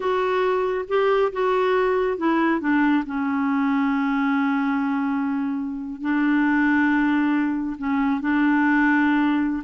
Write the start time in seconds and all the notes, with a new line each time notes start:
0.00 F#4
0.88 G4
1.32 F#4
2.17 E4
2.60 D4
3.06 C#4
6.01 D4
7.78 C#4
8.21 D4